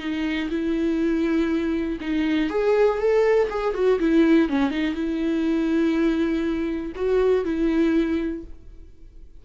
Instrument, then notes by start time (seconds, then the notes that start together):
viola
0.00 D#4
0.50 E4
2.01 D#4
2.50 G#4
2.99 A4
3.50 G#4
3.75 F#4
4.00 E4
4.49 C#4
4.71 D#4
4.95 E4
6.96 F#4
7.45 E4